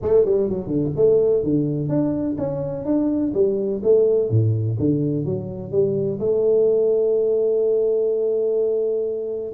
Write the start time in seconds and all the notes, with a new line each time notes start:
0.02 A3
0.25 G3
0.49 F#3
0.67 D3
0.95 A3
1.43 D3
1.88 D4
2.38 C#4
2.85 D4
3.34 G3
3.83 A3
4.30 A2
4.79 D3
5.25 F#3
5.71 G3
6.19 A3